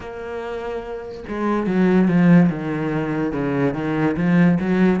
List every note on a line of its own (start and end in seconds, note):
0.00 1.24 A#3
1.28 1.67 G#3
1.67 2.08 F#3
2.08 2.49 F3
2.49 3.32 D#3
3.32 3.74 C#3
3.74 4.16 D#3
4.17 4.58 F3
4.59 5.00 F#3